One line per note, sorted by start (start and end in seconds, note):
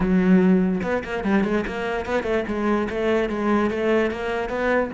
0.00 0.81 F#3
0.82 1.03 B3
1.04 1.23 A#3
1.23 1.44 G3
1.44 1.64 G#3
1.66 2.05 A#3
2.05 2.23 B3
2.23 2.43 A3
2.47 2.88 G#3
2.89 3.29 A3
3.29 3.70 G#3
3.70 4.10 A3
4.10 4.49 A#3
4.49 4.90 B3